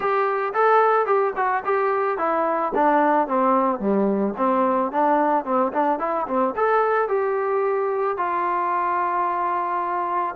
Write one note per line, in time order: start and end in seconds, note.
0.00 0.53 G4
0.53 1.06 A4
1.06 1.33 G4
1.36 1.63 F#4
1.64 2.18 G4
2.18 2.72 E4
2.74 3.27 D4
3.27 3.79 C4
3.79 4.34 G3
4.37 4.91 C4
4.91 5.44 D4
5.44 5.71 C4
5.72 5.99 D4
5.99 6.26 E4
6.27 6.54 C4
6.56 7.08 A4
7.08 8.17 G4
8.17 10.35 F4